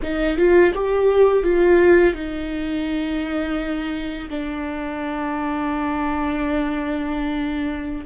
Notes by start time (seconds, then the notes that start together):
0.02 D#4
0.37 F4
0.74 G4
1.43 F4
2.14 D#4
4.30 D4